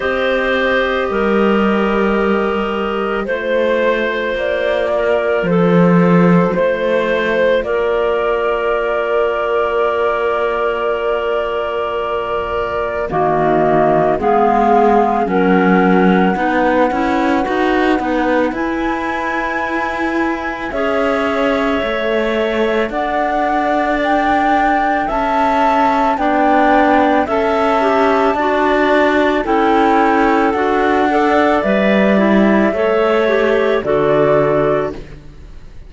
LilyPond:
<<
  \new Staff \with { instrumentName = "flute" } { \time 4/4 \tempo 4 = 55 dis''2. c''4 | d''4 c''2 d''4~ | d''1 | dis''4 f''4 fis''2~ |
fis''4 gis''2 e''4~ | e''4 fis''4 g''4 a''4 | g''4 a''2 g''4 | fis''4 e''2 d''4 | }
  \new Staff \with { instrumentName = "clarinet" } { \time 4/4 c''4 ais'2 c''4~ | c''8 ais'8 a'4 c''4 ais'4~ | ais'1 | fis'4 gis'4 ais'4 b'4~ |
b'2. cis''4~ | cis''4 d''2 e''4 | d''4 e''4 d''4 a'4~ | a'8 d''4. cis''4 a'4 | }
  \new Staff \with { instrumentName = "clarinet" } { \time 4/4 g'2. f'4~ | f'1~ | f'1 | ais4 b4 cis'4 dis'8 e'8 |
fis'8 dis'8 e'2 gis'4 | a'1 | d'4 a'8 g'8 fis'4 e'4 | fis'8 a'8 b'8 e'8 a'8 g'8 fis'4 | }
  \new Staff \with { instrumentName = "cello" } { \time 4/4 c'4 g2 a4 | ais4 f4 a4 ais4~ | ais1 | dis4 gis4 fis4 b8 cis'8 |
dis'8 b8 e'2 cis'4 | a4 d'2 cis'4 | b4 cis'4 d'4 cis'4 | d'4 g4 a4 d4 | }
>>